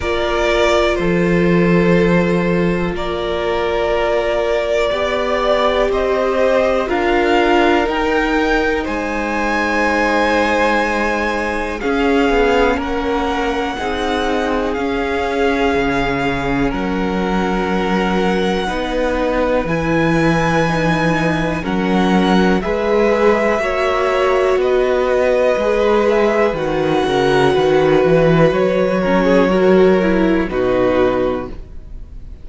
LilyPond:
<<
  \new Staff \with { instrumentName = "violin" } { \time 4/4 \tempo 4 = 61 d''4 c''2 d''4~ | d''2 dis''4 f''4 | g''4 gis''2. | f''4 fis''2 f''4~ |
f''4 fis''2. | gis''2 fis''4 e''4~ | e''4 dis''4. e''8 fis''4~ | fis''4 cis''2 b'4 | }
  \new Staff \with { instrumentName = "violin" } { \time 4/4 ais'4 a'2 ais'4~ | ais'4 d''4 c''4 ais'4~ | ais'4 c''2. | gis'4 ais'4 gis'2~ |
gis'4 ais'2 b'4~ | b'2 ais'4 b'4 | cis''4 b'2~ b'8 ais'8 | b'4. ais'16 gis'16 ais'4 fis'4 | }
  \new Staff \with { instrumentName = "viola" } { \time 4/4 f'1~ | f'4 g'2 f'4 | dis'1 | cis'2 dis'4 cis'4~ |
cis'2. dis'4 | e'4 dis'4 cis'4 gis'4 | fis'2 gis'4 fis'4~ | fis'4. cis'8 fis'8 e'8 dis'4 | }
  \new Staff \with { instrumentName = "cello" } { \time 4/4 ais4 f2 ais4~ | ais4 b4 c'4 d'4 | dis'4 gis2. | cis'8 b8 ais4 c'4 cis'4 |
cis4 fis2 b4 | e2 fis4 gis4 | ais4 b4 gis4 dis8 cis8 | dis8 e8 fis2 b,4 | }
>>